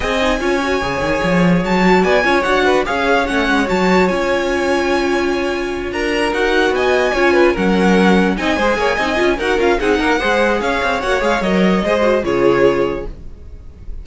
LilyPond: <<
  \new Staff \with { instrumentName = "violin" } { \time 4/4 \tempo 4 = 147 gis''1 | a''4 gis''4 fis''4 f''4 | fis''4 a''4 gis''2~ | gis''2~ gis''8 ais''4 fis''8~ |
fis''8 gis''2 fis''4.~ | fis''8 gis''2~ gis''8 fis''8 f''8 | fis''2 f''4 fis''8 f''8 | dis''2 cis''2 | }
  \new Staff \with { instrumentName = "violin" } { \time 4/4 dis''4 cis''2.~ | cis''4 d''8 cis''4 b'8 cis''4~ | cis''1~ | cis''2~ cis''8 ais'4.~ |
ais'8 dis''4 cis''8 b'8 ais'4.~ | ais'8 dis''8 c''8 cis''8 dis''4 ais'4 | gis'8 ais'8 c''4 cis''2~ | cis''4 c''4 gis'2 | }
  \new Staff \with { instrumentName = "viola" } { \time 4/4 gis'8 dis'8 f'8 fis'8 gis'2~ | gis'8 fis'4 f'8 fis'4 gis'4 | cis'4 fis'4 f'2~ | f'2.~ f'8 fis'8~ |
fis'4. f'4 cis'4.~ | cis'8 dis'8 gis'4 dis'8 f'8 fis'8 f'8 | dis'4 gis'2 fis'8 gis'8 | ais'4 gis'8 fis'8 f'2 | }
  \new Staff \with { instrumentName = "cello" } { \time 4/4 c'4 cis'4 cis8 dis8 f4 | fis4 b8 cis'8 d'4 cis'4 | a8 gis8 fis4 cis'2~ | cis'2~ cis'8 d'4 dis'8~ |
dis'8 b4 cis'4 fis4.~ | fis8 c'8 gis8 ais8 c'8 cis'8 dis'8 cis'8 | c'8 ais8 gis4 cis'8 c'8 ais8 gis8 | fis4 gis4 cis2 | }
>>